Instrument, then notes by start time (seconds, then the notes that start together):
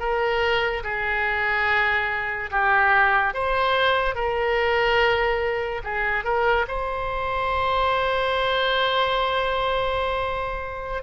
oboe
0.00 A#4
0.84 G#4
2.52 G4
3.34 C5
4.16 A#4
5.84 G#4
6.25 A#4
6.69 C5